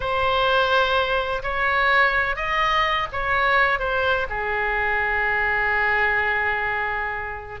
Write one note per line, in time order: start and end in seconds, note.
0.00 1.42 C5
1.42 2.36 C#5
2.36 3.07 D#5
3.12 3.79 C#5
3.79 4.26 C5
4.29 7.60 G#4